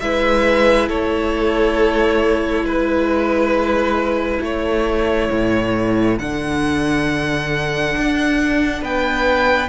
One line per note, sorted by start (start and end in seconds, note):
0.00 0.89 G#3
0.00 6.19 E4
0.00 0.89 B4
0.00 0.88 E5
0.89 2.62 A3
0.89 2.65 A4
0.89 2.65 C#5
2.62 4.39 G#3
2.62 4.42 B4
2.62 4.41 B4
4.41 5.29 A3
4.41 8.82 A4
4.41 6.19 C#5
5.31 6.19 A2
6.19 7.96 D3
6.19 9.69 D4
6.19 8.83 F#5
7.97 8.82 D4
8.82 9.69 B3
8.82 9.69 B4
8.82 9.69 G5